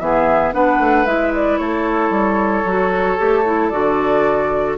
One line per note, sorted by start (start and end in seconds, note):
0.00 0.53 E3
0.00 0.54 B3
0.00 0.55 G#4
0.00 0.53 E5
0.53 0.80 B3
0.53 1.07 D4
0.53 1.61 B4
0.53 1.06 F#5
0.80 1.06 A3
1.06 1.60 G#3
1.06 2.66 E4
1.06 1.33 E5
1.35 1.58 D5
1.58 2.11 A3
1.58 4.78 A4
1.58 3.69 C#5
2.11 2.64 G3
2.65 3.19 F#3
2.65 3.18 F#4
3.18 3.73 A3
3.18 3.45 G4
3.46 3.72 E4
3.69 4.78 D3
3.69 4.78 F#4
3.69 4.75 D5